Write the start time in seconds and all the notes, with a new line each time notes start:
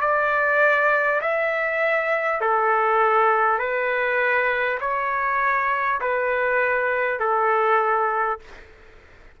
0.00 D5
1.21 E5
2.40 A4
3.58 B4
4.80 C#5
6.00 B4
7.19 A4